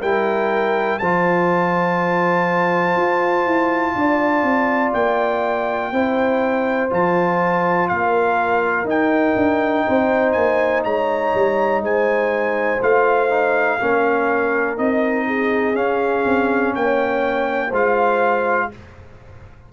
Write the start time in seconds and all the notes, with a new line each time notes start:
0.00 G3 E4 A#4 G5
0.98 F3 F4 C5 A5
2.96 F4
3.45 E4
3.95 D4 D5
4.42 C4
4.93 A#3 G5
5.91 C4 E4 C5
6.90 F3 F4 A5
7.88 A#3 A#4 F5
8.84 D#4 G5
9.35 D4
9.86 C4 C5
10.32 A#3 G#5
10.83 G#3 C#5 A#5
11.34 G3
11.81 G#3 C5 G#5
12.81 A3 F4 F5
13.29 D#4
13.80 A#3 C#4 A#4
14.77 C4 D#4 D#5
15.27 G#4
15.74 C#4 F5
16.25 C4
16.74 A#3 C#5 G5
17.68 G#3 F4 C5 F5